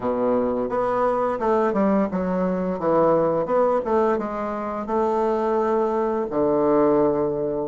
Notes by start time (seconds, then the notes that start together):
0.00 B2
0.69 B3
1.39 A3
1.73 G3
2.11 F#3
2.79 E3
3.45 B3
3.85 A3
4.18 G#3
4.86 A3
6.30 D3